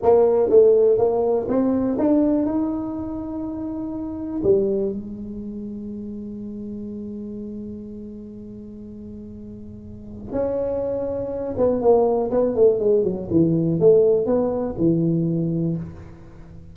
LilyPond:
\new Staff \with { instrumentName = "tuba" } { \time 4/4 \tempo 4 = 122 ais4 a4 ais4 c'4 | d'4 dis'2.~ | dis'4 g4 gis2~ | gis1~ |
gis1~ | gis4 cis'2~ cis'8 b8 | ais4 b8 a8 gis8 fis8 e4 | a4 b4 e2 | }